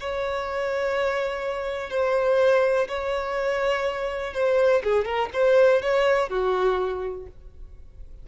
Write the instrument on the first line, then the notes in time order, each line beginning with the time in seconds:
violin
0.00 C#5
1.90 C5
2.88 C#5
4.33 C5
4.83 G#4
5.05 A#4
5.33 C5
5.82 C#5
6.29 F#4